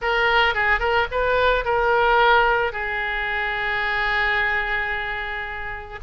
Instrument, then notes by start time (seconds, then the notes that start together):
oboe
0.01 A#4
0.54 G#4
0.79 A#4
1.11 B4
1.64 A#4
2.72 G#4